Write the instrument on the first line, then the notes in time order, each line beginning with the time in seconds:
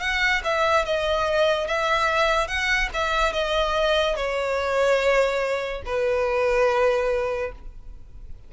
violin
0.00 F#5
0.44 E5
0.85 D#5
1.67 E5
2.47 F#5
2.94 E5
3.33 D#5
4.16 C#5
5.86 B4